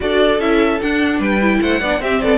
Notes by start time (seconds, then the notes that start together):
0.00 D4 F#4 A4 D5
0.39 C#4 E4 E5
0.80 D4 F#5
1.18 G3 B4 G5
1.40 E4
1.62 A3 C5 F#5
1.80 B3 D4 D5
1.99 C4 G4 E5
2.21 B3 A4 D5